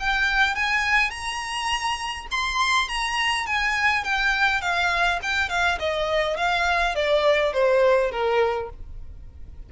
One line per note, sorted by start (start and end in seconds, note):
0.00 0.55 G5
0.55 1.11 G#5
1.11 2.27 A#5
2.32 2.89 C6
2.89 3.47 A#5
3.47 4.05 G#5
4.05 4.62 G5
4.62 5.20 F5
5.23 5.50 G5
5.50 5.79 F5
5.80 6.37 D#5
6.37 6.96 F5
6.96 7.54 D5
7.54 8.12 C5
8.12 8.70 A#4